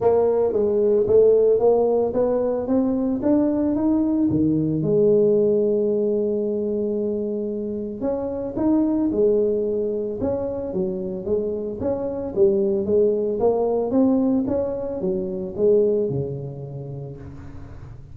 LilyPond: \new Staff \with { instrumentName = "tuba" } { \time 4/4 \tempo 4 = 112 ais4 gis4 a4 ais4 | b4 c'4 d'4 dis'4 | dis4 gis2.~ | gis2. cis'4 |
dis'4 gis2 cis'4 | fis4 gis4 cis'4 g4 | gis4 ais4 c'4 cis'4 | fis4 gis4 cis2 | }